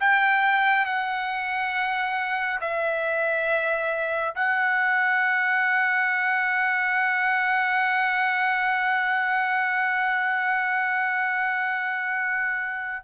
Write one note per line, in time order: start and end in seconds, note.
0.00 0.86 G5
0.86 2.60 F#5
2.61 4.35 E5
4.36 13.04 F#5